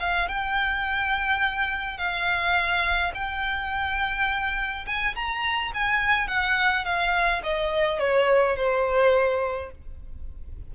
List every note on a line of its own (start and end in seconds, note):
0.00 0.29 F5
0.29 1.98 G5
1.98 3.12 F5
3.15 4.86 G5
4.87 5.15 G#5
5.16 5.73 A#5
5.74 6.28 G#5
6.28 6.85 F#5
6.85 7.42 F5
7.44 8.00 D#5
8.00 8.57 C#5
8.57 9.71 C5